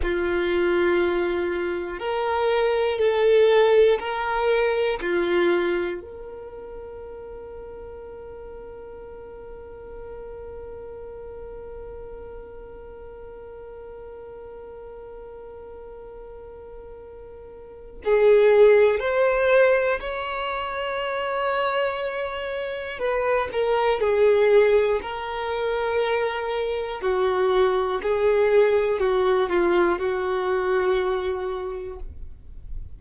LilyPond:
\new Staff \with { instrumentName = "violin" } { \time 4/4 \tempo 4 = 60 f'2 ais'4 a'4 | ais'4 f'4 ais'2~ | ais'1~ | ais'1~ |
ais'2 gis'4 c''4 | cis''2. b'8 ais'8 | gis'4 ais'2 fis'4 | gis'4 fis'8 f'8 fis'2 | }